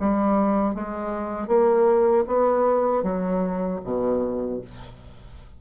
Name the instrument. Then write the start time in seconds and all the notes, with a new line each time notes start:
bassoon
0.00 G3
0.75 G#3
1.48 A#3
2.27 B3
3.03 F#3
3.85 B2